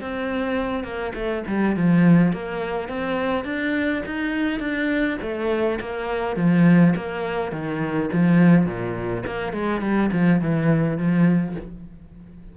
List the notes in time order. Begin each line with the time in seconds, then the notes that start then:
0.00 C4
0.83 A#3
1.14 A3
1.47 G3
1.76 F3
2.32 A#3
2.88 C4
3.44 D4
4.05 D#4
4.59 D4
5.22 A3
5.80 A#3
6.36 F3
6.95 A#3
7.51 D#3
8.12 F3
8.65 A#2
9.26 A#3
9.52 G#3
9.81 G3
10.12 F3
10.41 E3
10.97 F3